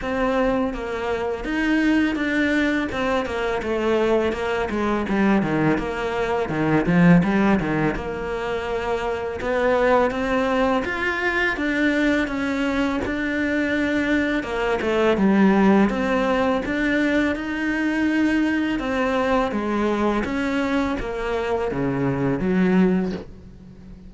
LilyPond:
\new Staff \with { instrumentName = "cello" } { \time 4/4 \tempo 4 = 83 c'4 ais4 dis'4 d'4 | c'8 ais8 a4 ais8 gis8 g8 dis8 | ais4 dis8 f8 g8 dis8 ais4~ | ais4 b4 c'4 f'4 |
d'4 cis'4 d'2 | ais8 a8 g4 c'4 d'4 | dis'2 c'4 gis4 | cis'4 ais4 cis4 fis4 | }